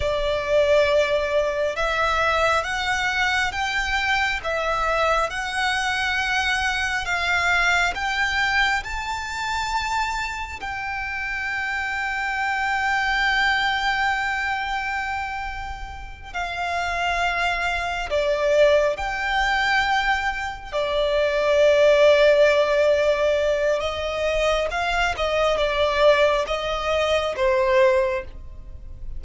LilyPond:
\new Staff \with { instrumentName = "violin" } { \time 4/4 \tempo 4 = 68 d''2 e''4 fis''4 | g''4 e''4 fis''2 | f''4 g''4 a''2 | g''1~ |
g''2~ g''8 f''4.~ | f''8 d''4 g''2 d''8~ | d''2. dis''4 | f''8 dis''8 d''4 dis''4 c''4 | }